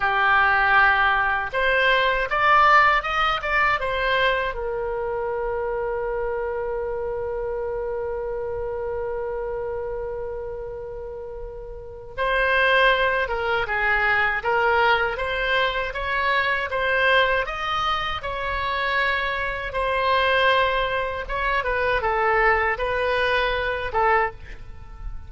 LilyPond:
\new Staff \with { instrumentName = "oboe" } { \time 4/4 \tempo 4 = 79 g'2 c''4 d''4 | dis''8 d''8 c''4 ais'2~ | ais'1~ | ais'1 |
c''4. ais'8 gis'4 ais'4 | c''4 cis''4 c''4 dis''4 | cis''2 c''2 | cis''8 b'8 a'4 b'4. a'8 | }